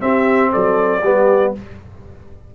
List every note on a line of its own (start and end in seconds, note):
0.00 1.01 C4
0.00 0.52 C4
0.00 0.50 G4
0.00 0.51 E5
0.50 1.02 F#3
0.50 1.01 A4
0.50 1.53 D5
1.02 1.53 G3
1.02 1.54 B3
1.02 1.53 G4